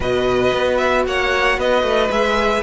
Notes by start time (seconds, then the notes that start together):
0.00 B2 F#4 B4 D#5
0.53 B3
0.77 E5
1.06 A#3 C#5 F#5
1.57 B3 B4 D#5
1.82 A3
2.10 G#3 G#4 E5